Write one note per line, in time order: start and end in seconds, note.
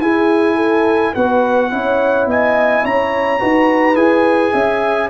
0.00 1.13 E4
0.00 1.15 E4
0.00 0.56 G#4
0.00 1.14 G#5
0.56 1.12 A4
1.13 1.72 B3
1.13 1.70 F#4
1.13 1.70 B4
1.13 2.28 F#5
1.70 2.26 C#4
1.70 3.40 E4
1.70 2.29 C#5
2.26 2.83 B3
2.26 2.83 D#5
2.26 2.85 G#5
2.83 3.41 C#4
2.83 3.40 C#5
2.83 3.96 A#5
3.40 3.95 D#4
3.40 3.95 F#4
3.40 4.53 B4
3.95 4.52 E4
3.95 5.08 G#4
3.95 5.09 G#5
4.53 5.09 C#4
4.53 5.09 E5